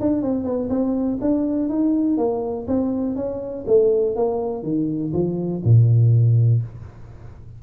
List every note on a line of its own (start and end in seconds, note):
0.00 0.22 D4
0.22 0.44 C4
0.44 0.68 B3
0.69 1.18 C4
1.21 1.69 D4
1.69 2.17 D#4
2.17 2.66 A#3
2.67 3.16 C4
3.16 3.65 C#4
3.67 4.16 A3
4.16 4.63 A#3
4.63 5.12 D#3
5.13 5.62 F3
5.64 6.62 A#2